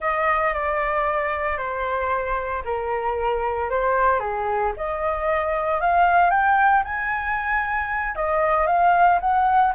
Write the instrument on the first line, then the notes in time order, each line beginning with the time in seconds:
flute
0.00 D#5
0.53 D5
1.57 C5
2.65 A#4
3.69 C5
4.19 G#4
4.77 D#5
5.81 F5
6.30 G5
6.84 G#5
8.15 D#5
8.66 F5
9.20 F#5